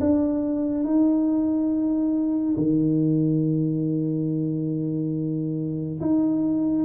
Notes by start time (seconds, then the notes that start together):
0.00 D4
0.84 D#4
2.57 D#3
6.00 D#4